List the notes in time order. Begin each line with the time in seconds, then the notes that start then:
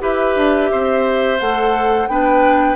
0.00 E4 G4 B4 E5
0.36 D4
0.72 C4 C5
1.40 A3 A4 F#5
2.07 B3 D4 B4 G5